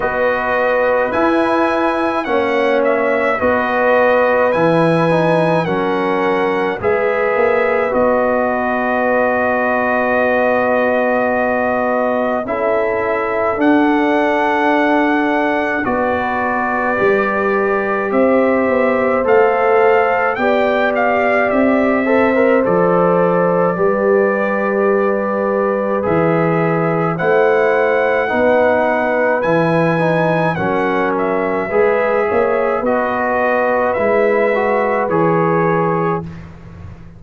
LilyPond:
<<
  \new Staff \with { instrumentName = "trumpet" } { \time 4/4 \tempo 4 = 53 dis''4 gis''4 fis''8 e''8 dis''4 | gis''4 fis''4 e''4 dis''4~ | dis''2. e''4 | fis''2 d''2 |
e''4 f''4 g''8 f''8 e''4 | d''2. e''4 | fis''2 gis''4 fis''8 e''8~ | e''4 dis''4 e''4 cis''4 | }
  \new Staff \with { instrumentName = "horn" } { \time 4/4 b'2 cis''4 b'4~ | b'4 ais'4 b'2~ | b'2. a'4~ | a'2 b'2 |
c''2 d''4. c''8~ | c''4 b'2. | c''4 b'2 ais'4 | b'8 cis''8 b'2. | }
  \new Staff \with { instrumentName = "trombone" } { \time 4/4 fis'4 e'4 cis'4 fis'4 | e'8 dis'8 cis'4 gis'4 fis'4~ | fis'2. e'4 | d'2 fis'4 g'4~ |
g'4 a'4 g'4. a'16 ais'16 | a'4 g'2 gis'4 | e'4 dis'4 e'8 dis'8 cis'4 | gis'4 fis'4 e'8 fis'8 gis'4 | }
  \new Staff \with { instrumentName = "tuba" } { \time 4/4 b4 e'4 ais4 b4 | e4 fis4 gis8 ais8 b4~ | b2. cis'4 | d'2 b4 g4 |
c'8 b8 a4 b4 c'4 | f4 g2 e4 | a4 b4 e4 fis4 | gis8 ais8 b4 gis4 e4 | }
>>